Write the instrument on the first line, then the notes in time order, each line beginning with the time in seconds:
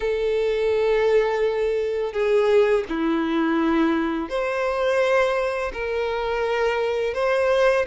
violin
0.00 A4
2.12 G#4
2.88 E4
4.29 C5
5.73 A#4
7.14 C5